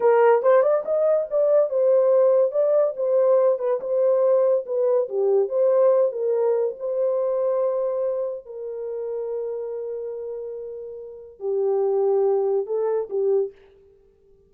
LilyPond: \new Staff \with { instrumentName = "horn" } { \time 4/4 \tempo 4 = 142 ais'4 c''8 d''8 dis''4 d''4 | c''2 d''4 c''4~ | c''8 b'8 c''2 b'4 | g'4 c''4. ais'4. |
c''1 | ais'1~ | ais'2. g'4~ | g'2 a'4 g'4 | }